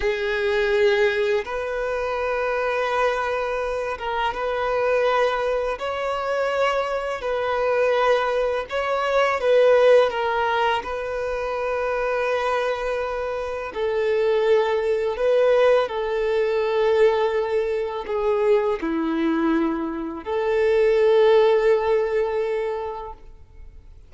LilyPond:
\new Staff \with { instrumentName = "violin" } { \time 4/4 \tempo 4 = 83 gis'2 b'2~ | b'4. ais'8 b'2 | cis''2 b'2 | cis''4 b'4 ais'4 b'4~ |
b'2. a'4~ | a'4 b'4 a'2~ | a'4 gis'4 e'2 | a'1 | }